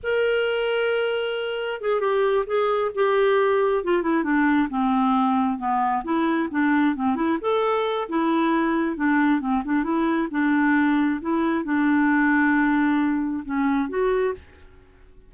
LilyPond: \new Staff \with { instrumentName = "clarinet" } { \time 4/4 \tempo 4 = 134 ais'1 | gis'8 g'4 gis'4 g'4.~ | g'8 f'8 e'8 d'4 c'4.~ | c'8 b4 e'4 d'4 c'8 |
e'8 a'4. e'2 | d'4 c'8 d'8 e'4 d'4~ | d'4 e'4 d'2~ | d'2 cis'4 fis'4 | }